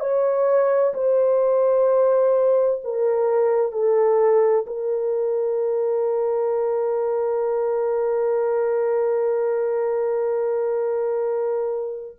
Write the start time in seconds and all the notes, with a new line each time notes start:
0.00 C#5
0.94 C5
2.84 A#4
3.72 A4
4.67 A#4